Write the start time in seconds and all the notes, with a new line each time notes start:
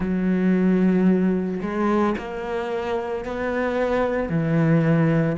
0.00 F#3
1.62 G#3
2.17 A#3
3.24 B3
4.29 E3